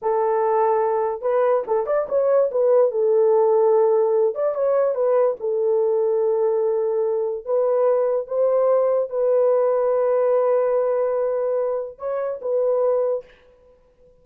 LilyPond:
\new Staff \with { instrumentName = "horn" } { \time 4/4 \tempo 4 = 145 a'2. b'4 | a'8 d''8 cis''4 b'4 a'4~ | a'2~ a'8 d''8 cis''4 | b'4 a'2.~ |
a'2 b'2 | c''2 b'2~ | b'1~ | b'4 cis''4 b'2 | }